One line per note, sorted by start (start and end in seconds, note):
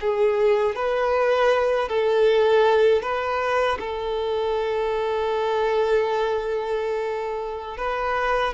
0.00 0.75 G#4
0.75 1.88 B4
1.88 3.02 A4
3.02 3.78 B4
3.79 7.77 A4
7.77 8.53 B4